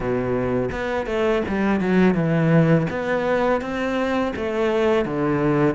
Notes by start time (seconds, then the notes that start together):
0.00 B2
0.71 B3
1.06 A3
1.48 G3
1.80 F#3
2.14 E3
2.89 B3
3.61 C4
4.36 A3
5.05 D3